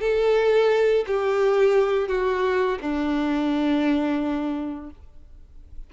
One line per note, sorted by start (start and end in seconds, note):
0.00 1.05 A4
1.07 2.08 G4
2.08 2.78 F#4
2.81 4.90 D4